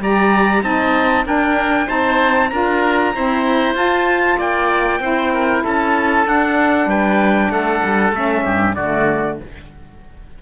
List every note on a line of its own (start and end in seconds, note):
0.00 0.62 G3
0.00 0.63 G4
0.00 0.64 D5
0.00 0.63 A#5
0.63 1.26 C4
0.63 1.25 D#4
0.63 1.26 D#5
0.63 1.26 A5
1.25 1.86 D4
1.25 1.88 D4
1.25 1.87 A#4
1.25 1.90 G5
1.86 2.52 C4
1.86 2.49 D#4
1.86 2.50 C5
1.86 2.50 A5
2.50 3.14 D4
2.50 3.14 F4
2.50 3.15 A#4
2.50 3.75 A#5
3.15 3.74 C4
3.15 3.75 E4
3.15 4.38 C5
3.74 4.99 F4
3.74 4.38 F4
3.74 4.40 A5
4.38 5.00 A#3
4.38 5.01 D5
4.38 5.66 G5
5.00 5.63 C4
5.00 6.25 E4
5.00 5.33 C5
5.34 5.64 A#4
5.64 6.27 C#4
5.64 6.89 A4
5.64 6.28 A5
6.25 8.13 D4
6.25 6.86 D4
6.25 6.90 F#5
6.86 7.49 G3
6.86 7.52 B4
6.86 7.52 G5
7.50 7.81 A3
7.50 8.45 A4
7.50 8.14 F#5
7.85 8.13 G3
8.13 8.44 A3
8.13 8.76 C#4
8.13 8.75 E5
8.45 8.77 G2
8.45 8.76 G4
8.75 9.40 D3
8.75 9.43 A3
8.75 9.39 F#4
8.75 9.38 D5